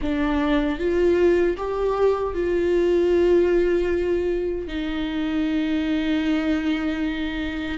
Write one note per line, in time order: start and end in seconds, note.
0.01 0.78 D4
0.78 1.56 F4
1.57 2.34 G4
2.34 4.68 F4
4.68 7.78 D#4